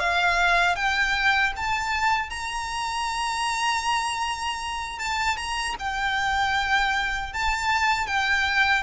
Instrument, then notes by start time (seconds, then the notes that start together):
violin
0.00 F5
0.76 G5
1.57 A5
2.30 A#5
4.99 A5
5.37 A#5
5.80 G5
7.34 A5
8.07 G5